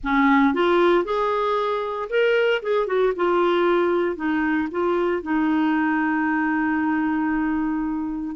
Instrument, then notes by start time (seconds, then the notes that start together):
clarinet
0.03 C#4
0.54 F4
1.04 G#4
2.09 A#4
2.62 G#4
2.86 F#4
3.16 F4
4.16 D#4
4.71 F4
5.22 D#4